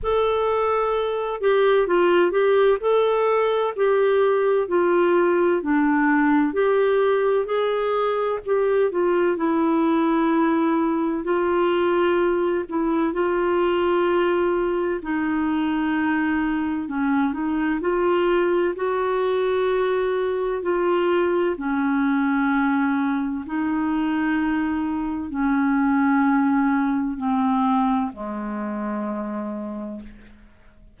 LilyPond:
\new Staff \with { instrumentName = "clarinet" } { \time 4/4 \tempo 4 = 64 a'4. g'8 f'8 g'8 a'4 | g'4 f'4 d'4 g'4 | gis'4 g'8 f'8 e'2 | f'4. e'8 f'2 |
dis'2 cis'8 dis'8 f'4 | fis'2 f'4 cis'4~ | cis'4 dis'2 cis'4~ | cis'4 c'4 gis2 | }